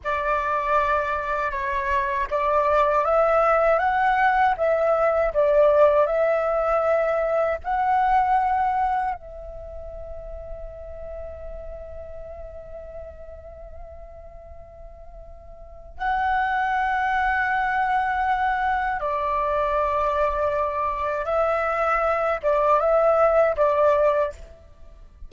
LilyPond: \new Staff \with { instrumentName = "flute" } { \time 4/4 \tempo 4 = 79 d''2 cis''4 d''4 | e''4 fis''4 e''4 d''4 | e''2 fis''2 | e''1~ |
e''1~ | e''4 fis''2.~ | fis''4 d''2. | e''4. d''8 e''4 d''4 | }